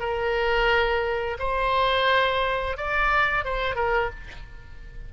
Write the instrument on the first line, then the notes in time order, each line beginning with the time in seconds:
oboe
0.00 A#4
1.39 C5
2.77 D5
3.45 C5
3.76 A#4